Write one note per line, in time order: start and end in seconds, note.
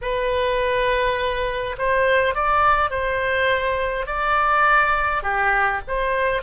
0.01 1.76 B4
1.78 2.35 C5
2.35 2.90 D5
2.90 4.06 C5
4.06 5.22 D5
5.22 5.81 G4
5.87 6.42 C5